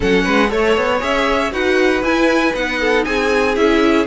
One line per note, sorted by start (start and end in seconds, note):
0.00 0.26 F#3
0.00 0.48 C#4
0.00 0.24 A4
0.00 0.51 F#5
0.24 0.51 G#3
0.24 0.49 B4
0.48 0.76 A3
0.48 0.98 A4
0.48 1.01 C#5
0.48 1.52 C#5
0.76 1.02 B3
0.99 1.52 C#4
0.99 1.50 G#4
0.99 1.52 E5
1.51 2.02 D#4
1.51 2.02 F#4
1.51 2.79 B4
1.51 2.03 F#5
2.02 2.53 E4
2.02 2.54 G#5
2.53 3.05 B3
2.53 3.55 D#4
2.53 3.04 F#5
2.80 3.05 A4
3.04 3.56 C4
3.04 4.06 G#4
3.04 3.55 G#5
3.55 4.06 C#4
3.55 4.06 E4
3.55 4.06 E5